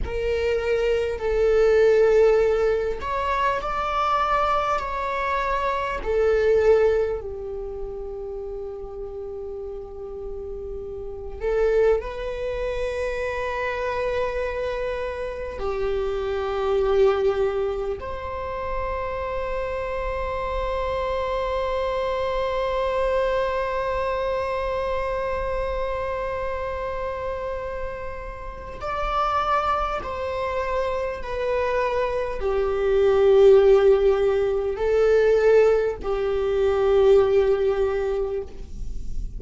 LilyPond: \new Staff \with { instrumentName = "viola" } { \time 4/4 \tempo 4 = 50 ais'4 a'4. cis''8 d''4 | cis''4 a'4 g'2~ | g'4. a'8 b'2~ | b'4 g'2 c''4~ |
c''1~ | c''1 | d''4 c''4 b'4 g'4~ | g'4 a'4 g'2 | }